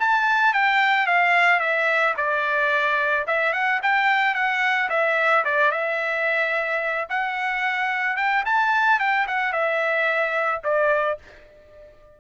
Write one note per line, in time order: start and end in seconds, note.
0.00 0.54 A5
0.54 1.07 G5
1.07 1.60 F5
1.60 2.14 E5
2.17 3.26 D5
3.27 3.53 E5
3.53 3.81 F#5
3.83 4.35 G5
4.35 4.89 F#5
4.90 5.44 E5
5.45 5.72 D5
5.72 7.08 E5
7.10 8.17 F#5
8.17 8.44 G5
8.46 9.00 A5
9.00 9.27 G5
9.28 9.53 F#5
9.53 10.62 E5
10.64 11.19 D5